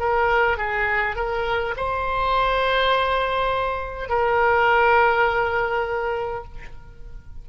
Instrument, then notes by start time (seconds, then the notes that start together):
oboe
0.00 A#4
0.58 G#4
1.17 A#4
1.77 C5
4.09 A#4